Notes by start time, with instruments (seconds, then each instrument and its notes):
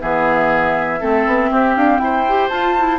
0.00 bassoon E3, clarinet B3, oboe G#4, flute E5
1.00 bassoon A3, clarinet C4, oboe A4
1.26 bassoon B3
1.52 bassoon C4, oboe G4
1.76 bassoon D4, flute F5
1.99 bassoon E4, oboe C5, flute G5
2.29 clarinet G4
2.49 bassoon F4, clarinet F4, flute A5
2.78 clarinet E4